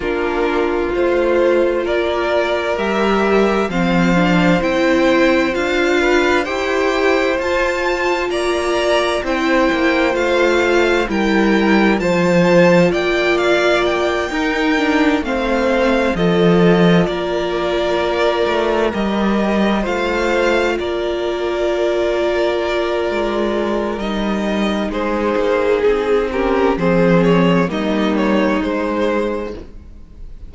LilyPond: <<
  \new Staff \with { instrumentName = "violin" } { \time 4/4 \tempo 4 = 65 ais'4 c''4 d''4 e''4 | f''4 g''4 f''4 g''4 | a''4 ais''4 g''4 f''4 | g''4 a''4 g''8 f''8 g''4~ |
g''8 f''4 dis''4 d''4.~ | d''8 dis''4 f''4 d''4.~ | d''2 dis''4 c''4 | gis'8 ais'8 c''8 cis''8 dis''8 cis''8 c''4 | }
  \new Staff \with { instrumentName = "violin" } { \time 4/4 f'2 ais'2 | c''2~ c''8 b'8 c''4~ | c''4 d''4 c''2 | ais'4 c''4 d''4. ais'8~ |
ais'8 c''4 a'4 ais'4.~ | ais'4. c''4 ais'4.~ | ais'2. gis'4~ | gis'8 g'8 gis'4 dis'2 | }
  \new Staff \with { instrumentName = "viola" } { \time 4/4 d'4 f'2 g'4 | c'8 d'8 e'4 f'4 g'4 | f'2 e'4 f'4 | e'4 f'2~ f'8 dis'8 |
d'8 c'4 f'2~ f'8~ | f'8 g'4 f'2~ f'8~ | f'2 dis'2~ | dis'8 cis'8 c'4 ais4 gis4 | }
  \new Staff \with { instrumentName = "cello" } { \time 4/4 ais4 a4 ais4 g4 | f4 c'4 d'4 e'4 | f'4 ais4 c'8 ais8 a4 | g4 f4 ais4. dis'8~ |
dis'8 a4 f4 ais4. | a8 g4 a4 ais4.~ | ais4 gis4 g4 gis8 ais8 | c'4 f4 g4 gis4 | }
>>